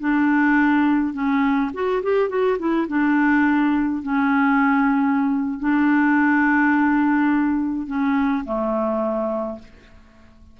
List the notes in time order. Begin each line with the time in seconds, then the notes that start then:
0.00 D4
1.14 C#4
1.74 F#4
2.03 G4
2.29 F#4
2.59 E4
2.88 D4
4.03 C#4
5.59 D4
7.87 C#4
8.45 A3